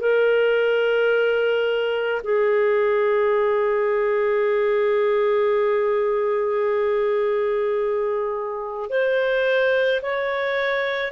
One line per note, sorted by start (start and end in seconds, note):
0.00 2.22 A#4
2.24 8.90 G#4
8.90 10.01 C5
10.02 11.12 C#5